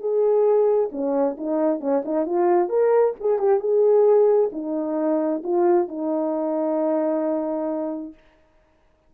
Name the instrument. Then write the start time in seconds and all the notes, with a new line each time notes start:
horn
0.00 G#4
0.92 C#4
1.38 D#4
1.80 C#4
2.05 D#4
2.26 F4
2.69 A#4
3.20 G#4
3.39 G4
3.60 G#4
4.52 D#4
5.44 F4
5.88 D#4